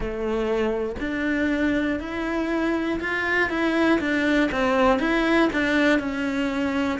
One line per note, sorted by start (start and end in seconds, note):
0.00 0.95 A3
0.99 1.99 D4
1.99 2.99 E4
3.00 3.50 F4
3.50 4.00 E4
4.00 4.50 D4
4.51 4.99 C4
4.99 5.49 E4
5.53 5.99 D4
5.99 6.99 C#4